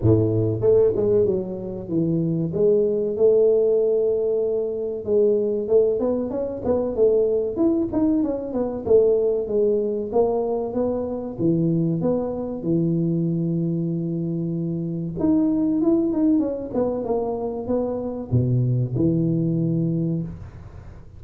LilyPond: \new Staff \with { instrumentName = "tuba" } { \time 4/4 \tempo 4 = 95 a,4 a8 gis8 fis4 e4 | gis4 a2. | gis4 a8 b8 cis'8 b8 a4 | e'8 dis'8 cis'8 b8 a4 gis4 |
ais4 b4 e4 b4 | e1 | dis'4 e'8 dis'8 cis'8 b8 ais4 | b4 b,4 e2 | }